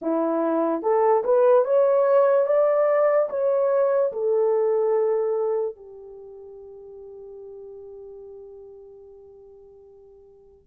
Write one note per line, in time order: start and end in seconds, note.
0.01 0.82 E4
0.82 1.23 A4
1.23 1.64 B4
1.64 2.46 C#5
2.46 3.28 D5
3.29 4.11 C#5
4.12 5.75 A4
5.75 10.67 G4